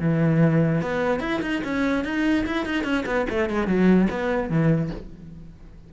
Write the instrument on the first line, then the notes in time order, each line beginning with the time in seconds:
cello
0.00 E3
0.81 B3
1.20 E4
1.41 D#4
1.64 C#4
2.04 D#4
2.46 E4
2.66 D#4
2.84 C#4
3.06 B3
3.29 A3
3.50 G#3
3.67 F#3
4.10 B3
4.50 E3